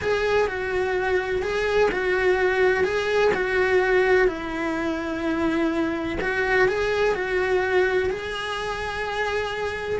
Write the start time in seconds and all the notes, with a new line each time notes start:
0.01 G#4
0.47 F#4
1.42 G#4
1.91 F#4
2.84 G#4
3.34 F#4
4.27 E4
6.20 F#4
6.68 G#4
7.14 F#4
8.10 G#4